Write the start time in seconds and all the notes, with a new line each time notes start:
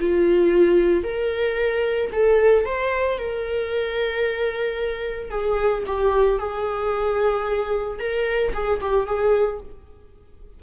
0.00 F4
1.04 A#4
2.12 A4
2.66 C5
3.19 A#4
5.30 G#4
5.87 G4
6.39 G#4
7.99 A#4
8.54 G#4
8.81 G4
9.07 G#4